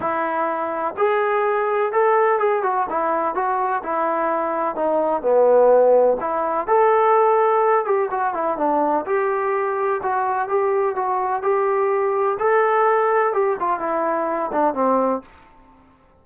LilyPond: \new Staff \with { instrumentName = "trombone" } { \time 4/4 \tempo 4 = 126 e'2 gis'2 | a'4 gis'8 fis'8 e'4 fis'4 | e'2 dis'4 b4~ | b4 e'4 a'2~ |
a'8 g'8 fis'8 e'8 d'4 g'4~ | g'4 fis'4 g'4 fis'4 | g'2 a'2 | g'8 f'8 e'4. d'8 c'4 | }